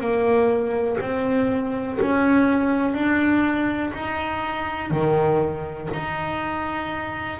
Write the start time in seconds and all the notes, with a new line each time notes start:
0.00 A#3
1.01 C4
2.01 C#4
2.94 D4
3.94 D#4
4.91 D#3
5.94 D#4